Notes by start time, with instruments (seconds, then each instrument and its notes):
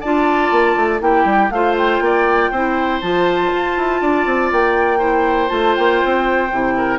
0.00 bassoon D4, clarinet F4, oboe D5, flute A5
0.51 bassoon A#3
0.76 bassoon A3
0.99 bassoon A#3, clarinet E4, oboe G4, flute G5
1.24 bassoon G3
1.50 bassoon A3, clarinet F4, oboe C5, flute F5
1.77 flute G5
2.00 bassoon A#3, oboe D5
2.51 bassoon C4, clarinet E4, oboe C5
3.01 bassoon F3, clarinet F4, flute A5
3.52 bassoon F4
3.77 bassoon E4
4.01 bassoon D4, oboe D5
4.26 bassoon C4
4.51 bassoon A#3, flute G5
4.98 clarinet E4, oboe C5
5.48 bassoon A3, clarinet F4, flute A5
5.75 bassoon A#3, flute G5
6.04 bassoon C4
6.52 bassoon C3, clarinet E4
6.77 oboe A#4